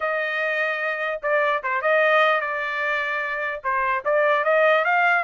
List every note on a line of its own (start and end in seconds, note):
0.00 1.20 D#5
1.22 1.62 D5
1.63 1.81 C5
1.81 2.41 D#5
2.41 3.61 D5
3.63 4.03 C5
4.04 4.44 D5
4.44 4.84 D#5
4.84 5.23 F5